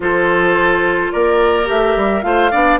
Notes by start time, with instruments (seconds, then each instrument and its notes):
0.00 bassoon F3, clarinet F4, oboe A4, flute C5
1.12 bassoon A#3, oboe A#4, flute D5
1.65 bassoon A3, clarinet G4, flute E5
1.96 bassoon G3
2.22 bassoon A3, clarinet F4, oboe C5, flute F5
2.51 bassoon B3, clarinet D4, oboe D5